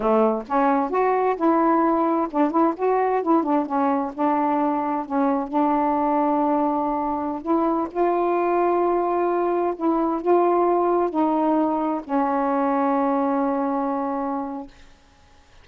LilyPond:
\new Staff \with { instrumentName = "saxophone" } { \time 4/4 \tempo 4 = 131 a4 cis'4 fis'4 e'4~ | e'4 d'8 e'8 fis'4 e'8 d'8 | cis'4 d'2 cis'4 | d'1~ |
d'16 e'4 f'2~ f'8.~ | f'4~ f'16 e'4 f'4.~ f'16~ | f'16 dis'2 cis'4.~ cis'16~ | cis'1 | }